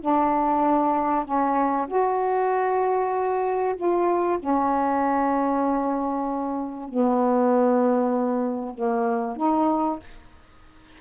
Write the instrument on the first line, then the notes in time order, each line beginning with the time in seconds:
saxophone
0.00 D4
1.24 C#4
1.87 F#4
3.76 F4
4.39 C#4
6.88 B3
8.74 A#3
9.36 D#4